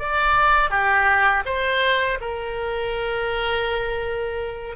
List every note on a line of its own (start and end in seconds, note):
0.00 0.71 D5
0.71 1.44 G4
1.46 2.19 C5
2.21 4.76 A#4